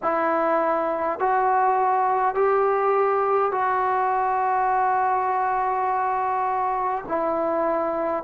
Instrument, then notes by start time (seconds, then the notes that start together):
trombone
0.02 E4
1.19 F#4
2.34 G4
3.51 F#4
7.07 E4